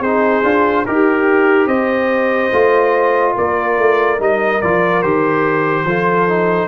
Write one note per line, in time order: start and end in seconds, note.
0.00 0.42 C4
0.00 0.44 D#4
0.00 0.84 G#4
0.00 0.86 C5
0.43 0.85 D4
0.43 0.85 F4
0.86 1.67 D#4
0.86 1.68 G4
0.86 2.52 G4
0.86 1.68 A#4
1.67 2.50 C4
1.67 3.34 C5
1.67 3.34 D#5
2.52 3.36 A3
2.52 4.19 F4
3.35 3.78 A#3
3.35 5.85 A#4
3.35 4.21 D5
3.78 4.19 A3
4.19 4.61 G3
4.19 4.60 D#4
4.19 4.61 D#5
4.61 5.03 F3
4.61 5.03 F4
4.61 5.02 D5
5.02 5.84 D#3
5.02 5.87 G4
5.02 6.68 C5
5.84 6.68 F3
5.84 6.28 F4
5.84 6.68 A4
6.28 6.68 D#4